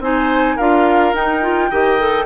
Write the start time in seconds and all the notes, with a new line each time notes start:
0.00 C4 D#4 C5 G#5
0.56 D4 F4 A#4 F5
1.14 D#4 G5
1.42 F4
1.71 D#3 G4 D#5
2.00 A4